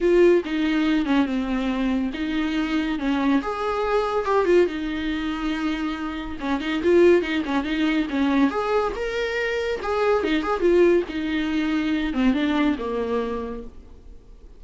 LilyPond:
\new Staff \with { instrumentName = "viola" } { \time 4/4 \tempo 4 = 141 f'4 dis'4. cis'8 c'4~ | c'4 dis'2 cis'4 | gis'2 g'8 f'8 dis'4~ | dis'2. cis'8 dis'8 |
f'4 dis'8 cis'8 dis'4 cis'4 | gis'4 ais'2 gis'4 | dis'8 gis'8 f'4 dis'2~ | dis'8 c'8 d'4 ais2 | }